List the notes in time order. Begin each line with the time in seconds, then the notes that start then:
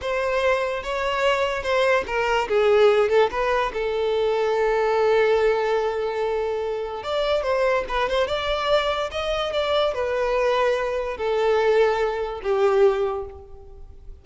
0.01 C5
0.83 C#5
1.62 C5
2.06 A#4
2.48 G#4
3.09 A4
3.30 B4
3.73 A4
7.03 D5
7.43 C5
7.88 B4
8.09 C5
8.27 D5
9.11 D#5
9.52 D5
9.93 B4
11.17 A4
12.42 G4